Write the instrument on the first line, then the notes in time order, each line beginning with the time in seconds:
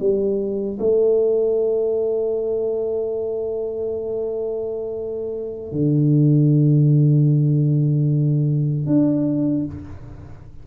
tuba
0.00 G3
0.80 A3
5.72 D3
8.87 D4